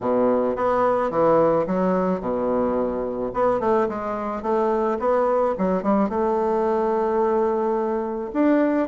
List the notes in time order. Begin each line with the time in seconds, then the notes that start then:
0.00 B2
0.56 B3
1.10 E3
1.66 F#3
2.20 B2
3.33 B3
3.60 A3
3.88 G#3
4.42 A3
4.99 B3
5.58 F#3
5.82 G3
6.09 A3
8.33 D4